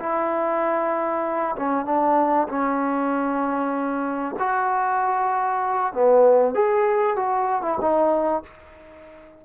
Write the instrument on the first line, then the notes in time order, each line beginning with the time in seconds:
trombone
0.00 E4
1.57 C#4
1.86 D4
2.49 C#4
4.40 F#4
5.93 B3
6.55 G#4
7.16 F#4
7.63 E4
7.81 D#4